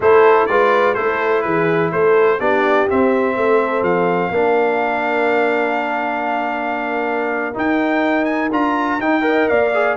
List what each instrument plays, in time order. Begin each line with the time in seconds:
0.00 tuba A3, trombone E4, horn A4, trumpet C5
0.46 tuba G#3, trombone F4, horn B4, trumpet D5
0.94 tuba A3, trombone E4, horn A4, trumpet C5
1.41 tuba E3, horn G#4, trumpet B4
1.92 tuba A3, horn A4, trumpet C5
2.39 tuba B3, trombone D4, horn G4, trumpet D5
2.88 trombone C4, tuba C4, trumpet E5
3.36 tuba A3, horn A4
3.81 tuba F3, trumpet F5
4.30 tuba A#3, trombone D4, horn A#4
7.54 trombone D#4, tuba D#4, trumpet G5
8.24 trumpet G#5
8.51 tuba D4, trombone F4, trumpet A#5
8.98 tuba D#4, trombone D#4, trumpet G5
9.21 trombone A#4, horn D#5
9.48 tuba A#3, horn D5, trumpet F5
9.74 trombone G#4